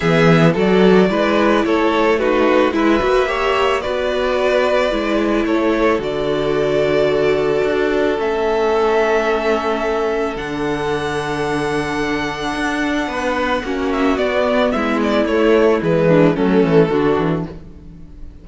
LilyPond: <<
  \new Staff \with { instrumentName = "violin" } { \time 4/4 \tempo 4 = 110 e''4 d''2 cis''4 | b'4 e''2 d''4~ | d''2 cis''4 d''4~ | d''2. e''4~ |
e''2. fis''4~ | fis''1~ | fis''4. e''8 d''4 e''8 d''8 | cis''4 b'4 a'2 | }
  \new Staff \with { instrumentName = "violin" } { \time 4/4 gis'4 a'4 b'4 a'4 | fis'4 b'4 cis''4 b'4~ | b'2 a'2~ | a'1~ |
a'1~ | a'1 | b'4 fis'2 e'4~ | e'4. d'8 cis'4 fis'4 | }
  \new Staff \with { instrumentName = "viola" } { \time 4/4 b4 fis'4 e'2 | dis'4 e'8 fis'8 g'4 fis'4~ | fis'4 e'2 fis'4~ | fis'2. cis'4~ |
cis'2. d'4~ | d'1~ | d'4 cis'4 b2 | a4 gis4 a4 d'4 | }
  \new Staff \with { instrumentName = "cello" } { \time 4/4 e4 fis4 gis4 a4~ | a4 gis8 ais4. b4~ | b4 gis4 a4 d4~ | d2 d'4 a4~ |
a2. d4~ | d2. d'4 | b4 ais4 b4 gis4 | a4 e4 fis8 e8 d8 e8 | }
>>